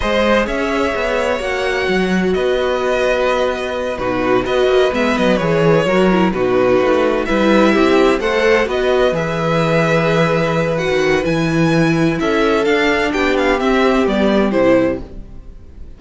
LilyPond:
<<
  \new Staff \with { instrumentName = "violin" } { \time 4/4 \tempo 4 = 128 dis''4 e''2 fis''4~ | fis''4 dis''2.~ | dis''8 b'4 dis''4 e''8 dis''8 cis''8~ | cis''4. b'2 e''8~ |
e''4. fis''4 dis''4 e''8~ | e''2. fis''4 | gis''2 e''4 f''4 | g''8 f''8 e''4 d''4 c''4 | }
  \new Staff \with { instrumentName = "violin" } { \time 4/4 c''4 cis''2.~ | cis''4 b'2.~ | b'8 fis'4 b'2~ b'8~ | b'8 ais'4 fis'2 b'8~ |
b'8 g'4 c''4 b'4.~ | b'1~ | b'2 a'2 | g'1 | }
  \new Staff \with { instrumentName = "viola" } { \time 4/4 gis'2. fis'4~ | fis'1~ | fis'8 dis'4 fis'4 b4 gis'8~ | gis'8 fis'8 e'8 dis'2 e'8~ |
e'4. a'4 fis'4 gis'8~ | gis'2. fis'4 | e'2. d'4~ | d'4 c'4 b4 e'4 | }
  \new Staff \with { instrumentName = "cello" } { \time 4/4 gis4 cis'4 b4 ais4 | fis4 b2.~ | b8 b,4 b8 ais8 gis8 fis8 e8~ | e8 fis4 b,4 a4 g8~ |
g8 c'4 a4 b4 e8~ | e2.~ e16 dis8. | e2 cis'4 d'4 | b4 c'4 g4 c4 | }
>>